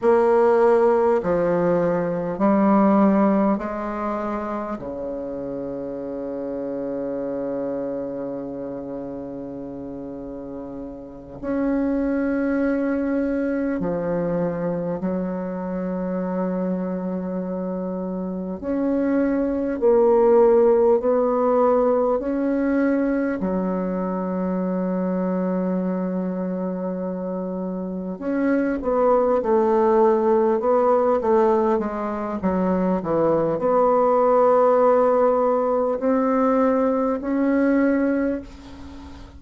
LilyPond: \new Staff \with { instrumentName = "bassoon" } { \time 4/4 \tempo 4 = 50 ais4 f4 g4 gis4 | cis1~ | cis4. cis'2 f8~ | f8 fis2. cis'8~ |
cis'8 ais4 b4 cis'4 fis8~ | fis2.~ fis8 cis'8 | b8 a4 b8 a8 gis8 fis8 e8 | b2 c'4 cis'4 | }